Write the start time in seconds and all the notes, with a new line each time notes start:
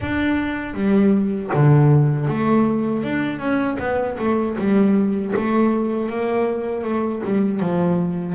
0.00 D4
0.74 G3
1.53 D3
2.27 A3
3.03 D4
3.39 C#4
3.79 B3
4.18 A3
4.57 G3
5.35 A3
6.09 A#3
6.84 A3
7.25 G3
7.59 F3